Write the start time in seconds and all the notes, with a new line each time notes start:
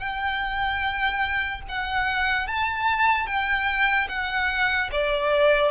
0.00 G5
1.69 F#5
2.47 A5
3.27 G5
4.09 F#5
4.92 D5